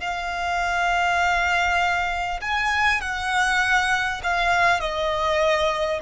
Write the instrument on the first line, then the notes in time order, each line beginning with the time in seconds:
violin
0.00 F5
2.41 G#5
3.01 F#5
4.23 F5
4.80 D#5